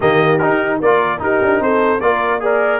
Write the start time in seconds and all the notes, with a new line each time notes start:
0.00 D#3 A#3 G4 D#5
0.38 D#4 A#4
0.80 A#3 F4 A#4 D5
1.18 D#4 G4 A#4
1.42 D4
1.60 C4 A4 C5
2.00 A#3 F4 A#4 D5
2.40 G#4 A#4 D5